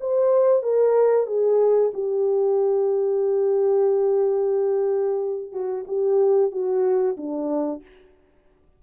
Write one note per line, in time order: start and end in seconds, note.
0.00 0.63 C5
0.63 1.27 A#4
1.27 1.92 G#4
1.94 5.52 G4
5.52 5.85 F#4
5.87 6.51 G4
6.51 7.17 F#4
7.17 7.82 D4